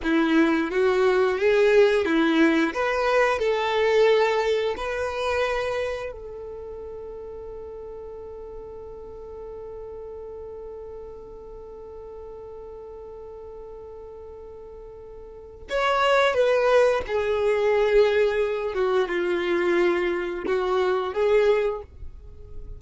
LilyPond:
\new Staff \with { instrumentName = "violin" } { \time 4/4 \tempo 4 = 88 e'4 fis'4 gis'4 e'4 | b'4 a'2 b'4~ | b'4 a'2.~ | a'1~ |
a'1~ | a'2. cis''4 | b'4 gis'2~ gis'8 fis'8 | f'2 fis'4 gis'4 | }